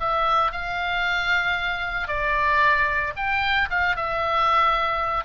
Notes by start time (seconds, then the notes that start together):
0.00 E5
0.52 F5
2.08 D5
3.16 G5
3.70 F5
3.97 E5